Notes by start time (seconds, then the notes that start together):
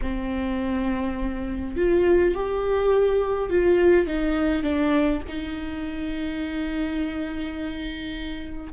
0.01 C4
1.76 F4
2.35 G4
3.50 F4
4.06 D#4
4.62 D4
5.28 D#4